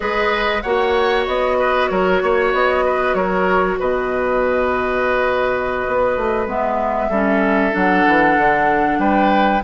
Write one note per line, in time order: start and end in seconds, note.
0.00 0.64 G#3
0.00 0.59 G#4
0.00 0.62 B4
0.00 0.61 D#5
0.61 1.27 A#3
0.61 6.48 F#4
0.61 1.57 C#5
0.61 1.24 F#5
1.26 1.90 B3
1.26 1.88 D#5
1.58 1.90 B4
1.88 2.22 F#3
1.88 2.22 A#4
1.88 2.51 C#5
2.22 2.53 A#3
2.22 2.85 C#5
2.53 3.14 B3
2.53 3.14 D#5
2.85 3.16 B4
3.14 3.77 F#3
3.14 3.79 A#4
3.14 3.77 C#5
3.79 5.85 B2
3.79 7.09 B4
3.79 6.48 D#5
5.87 6.16 B3
6.16 6.46 A3
6.46 7.09 G#3
6.46 7.11 B3
6.46 7.75 E5
7.09 7.72 G3
7.09 7.71 C#4
7.09 8.98 A4
7.71 8.06 F#3
7.71 9.61 D4
7.71 8.99 F#5
8.06 8.37 E3
8.37 8.98 D3
8.98 9.61 G3
8.98 9.63 B4
8.98 9.62 G5